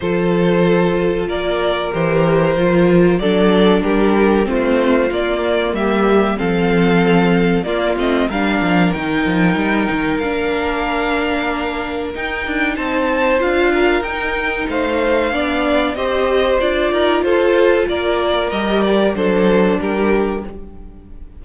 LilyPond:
<<
  \new Staff \with { instrumentName = "violin" } { \time 4/4 \tempo 4 = 94 c''2 d''4 c''4~ | c''4 d''4 ais'4 c''4 | d''4 e''4 f''2 | d''8 dis''8 f''4 g''2 |
f''2. g''4 | a''4 f''4 g''4 f''4~ | f''4 dis''4 d''4 c''4 | d''4 dis''8 d''8 c''4 ais'4 | }
  \new Staff \with { instrumentName = "violin" } { \time 4/4 a'2 ais'2~ | ais'4 a'4 g'4 f'4~ | f'4 g'4 a'2 | f'4 ais'2.~ |
ais'1 | c''4. ais'4. c''4 | d''4 c''4. ais'8 a'4 | ais'2 a'4 g'4 | }
  \new Staff \with { instrumentName = "viola" } { \time 4/4 f'2. g'4 | f'4 d'2 c'4 | ais2 c'2 | ais8 c'8 d'4 dis'2 |
d'2. dis'4~ | dis'4 f'4 dis'2 | d'4 g'4 f'2~ | f'4 g'4 d'2 | }
  \new Staff \with { instrumentName = "cello" } { \time 4/4 f2 ais4 e4 | f4 fis4 g4 a4 | ais4 g4 f2 | ais8 a8 g8 f8 dis8 f8 g8 dis8 |
ais2. dis'8 d'8 | c'4 d'4 dis'4 a4 | b4 c'4 d'8 dis'8 f'4 | ais4 g4 fis4 g4 | }
>>